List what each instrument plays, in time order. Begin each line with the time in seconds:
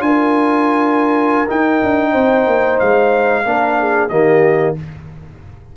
0.00 tuba D4, trombone F4, horn A#4, trumpet G#5
1.48 trombone D#4, tuba D#4, trumpet G5
1.83 tuba D4
2.12 tuba C4, horn C5
2.47 tuba A#3
2.79 tuba G#3, trumpet F5
3.45 tuba A#3, trombone D4, horn A#4
3.80 horn G#4
4.09 tuba D#3, trombone A#3, horn G4, trumpet D#5